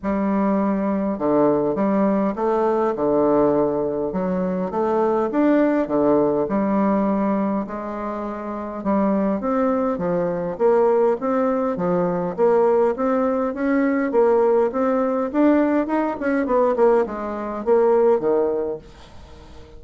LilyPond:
\new Staff \with { instrumentName = "bassoon" } { \time 4/4 \tempo 4 = 102 g2 d4 g4 | a4 d2 fis4 | a4 d'4 d4 g4~ | g4 gis2 g4 |
c'4 f4 ais4 c'4 | f4 ais4 c'4 cis'4 | ais4 c'4 d'4 dis'8 cis'8 | b8 ais8 gis4 ais4 dis4 | }